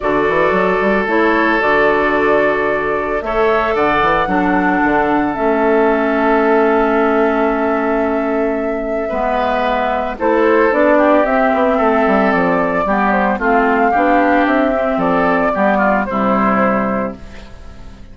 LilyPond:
<<
  \new Staff \with { instrumentName = "flute" } { \time 4/4 \tempo 4 = 112 d''2 cis''4 d''4~ | d''2 e''4 fis''4~ | fis''2 e''2~ | e''1~ |
e''2. c''4 | d''4 e''2 d''4~ | d''8 c''8 f''2 e''4 | d''2 c''2 | }
  \new Staff \with { instrumentName = "oboe" } { \time 4/4 a'1~ | a'2 cis''4 d''4 | a'1~ | a'1~ |
a'4 b'2 a'4~ | a'8 g'4. a'2 | g'4 f'4 g'2 | a'4 g'8 f'8 e'2 | }
  \new Staff \with { instrumentName = "clarinet" } { \time 4/4 fis'2 e'4 fis'4~ | fis'2 a'2 | d'2 cis'2~ | cis'1~ |
cis'4 b2 e'4 | d'4 c'2. | b4 c'4 d'4. c'8~ | c'4 b4 g2 | }
  \new Staff \with { instrumentName = "bassoon" } { \time 4/4 d8 e8 fis8 g8 a4 d4~ | d2 a4 d8 e8 | fis4 d4 a2~ | a1~ |
a4 gis2 a4 | b4 c'8 b8 a8 g8 f4 | g4 a4 b4 c'4 | f4 g4 c2 | }
>>